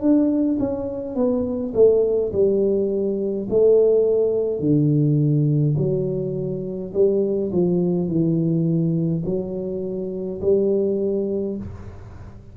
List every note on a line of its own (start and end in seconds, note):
0.00 0.58 D4
0.59 1.15 C#4
1.15 1.73 B3
1.74 2.31 A3
2.32 3.47 G3
3.49 4.59 A3
4.59 5.75 D3
5.77 6.93 F#3
6.93 7.51 G3
7.52 8.08 F3
8.08 9.23 E3
9.25 10.41 F#3
10.41 11.56 G3